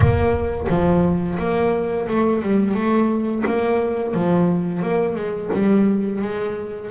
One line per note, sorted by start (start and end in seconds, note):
0.00 0.67 A#3
0.69 1.38 F3
1.38 2.07 A#3
2.08 2.42 A3
2.42 2.74 G3
2.74 3.43 A3
3.45 4.14 A#3
4.14 4.82 F3
4.82 5.15 A#3
5.15 5.50 G#3
5.53 6.21 G3
6.21 6.90 G#3